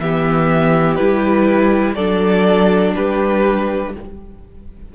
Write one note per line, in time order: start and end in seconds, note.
0.00 0.98 E3
0.00 0.97 B3
0.00 1.95 G4
0.00 0.95 E5
0.95 1.96 G3
0.95 1.96 E4
0.95 1.94 B4
1.95 2.95 F#3
1.95 3.94 D4
1.95 2.93 A4
1.95 2.93 D5
2.96 3.95 G3
2.96 3.94 G4
2.96 3.94 B4